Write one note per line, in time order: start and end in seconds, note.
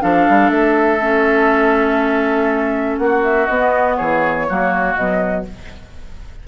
0.00 0.28 F3
0.00 0.99 D4
0.00 3.00 A4
0.00 0.50 F5
0.29 0.50 G3
0.50 2.98 A3
0.50 2.98 E5
1.01 3.49 C#4
2.98 3.48 A#3
2.98 3.97 F#4
2.98 3.22 F#5
3.23 3.46 E5
3.46 3.98 B3
3.46 4.49 B3
3.46 3.95 D#5
3.96 4.49 E3
3.96 4.46 G#4
3.96 4.95 C#5
4.49 4.96 F#3
4.49 4.98 A#3
4.49 5.48 F#4
4.95 5.45 B2
4.95 5.47 F#3
4.95 5.45 D#5